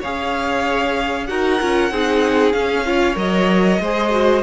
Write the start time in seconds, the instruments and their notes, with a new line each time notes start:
0.00 cello C#4, viola G#4, violin C#5 F5
1.26 cello D#4, viola F#4, violin A#4 F#5
1.60 cello C#4, viola F4
1.91 cello C4, viola D#4, violin G#4
2.52 viola C#4, cello C#4, violin F5
2.85 viola F4, violin C#5
3.15 cello F#3, viola A#4, violin D#5
3.80 cello G#3, viola G#4, violin C5
4.10 viola F#4